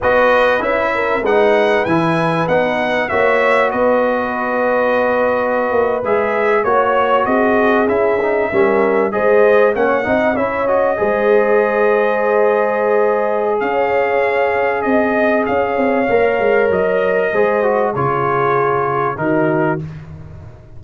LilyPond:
<<
  \new Staff \with { instrumentName = "trumpet" } { \time 4/4 \tempo 4 = 97 dis''4 e''4 fis''4 gis''4 | fis''4 e''4 dis''2~ | dis''4.~ dis''16 e''4 cis''4 dis''16~ | dis''8. e''2 dis''4 fis''16~ |
fis''8. e''8 dis''2~ dis''8.~ | dis''2 f''2 | dis''4 f''2 dis''4~ | dis''4 cis''2 ais'4 | }
  \new Staff \with { instrumentName = "horn" } { \time 4/4 b'4. ais'8 b'2~ | b'4 cis''4 b'2~ | b'2~ b'8. cis''4 gis'16~ | gis'4.~ gis'16 ais'4 c''4 cis''16~ |
cis''16 dis''8 cis''4 c''2~ c''16~ | c''2 cis''2 | dis''4 cis''2. | c''4 gis'2 fis'4 | }
  \new Staff \with { instrumentName = "trombone" } { \time 4/4 fis'4 e'4 dis'4 e'4 | dis'4 fis'2.~ | fis'4.~ fis'16 gis'4 fis'4~ fis'16~ | fis'8. e'8 dis'8 cis'4 gis'4 cis'16~ |
cis'16 dis'8 e'8 fis'8 gis'2~ gis'16~ | gis'1~ | gis'2 ais'2 | gis'8 fis'8 f'2 dis'4 | }
  \new Staff \with { instrumentName = "tuba" } { \time 4/4 b4 cis'4 gis4 e4 | b4 ais4 b2~ | b4~ b16 ais8 gis4 ais4 c'16~ | c'8. cis'4 g4 gis4 ais16~ |
ais16 c'8 cis'4 gis2~ gis16~ | gis2 cis'2 | c'4 cis'8 c'8 ais8 gis8 fis4 | gis4 cis2 dis4 | }
>>